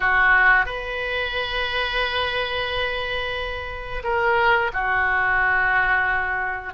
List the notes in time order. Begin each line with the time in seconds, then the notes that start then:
0.00 F#4
0.65 B4
4.03 A#4
4.73 F#4